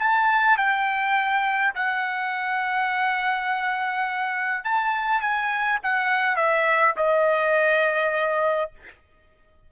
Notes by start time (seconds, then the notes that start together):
0.00 A5
0.58 G5
1.75 F#5
4.65 A5
5.22 G#5
5.83 F#5
6.37 E5
6.97 D#5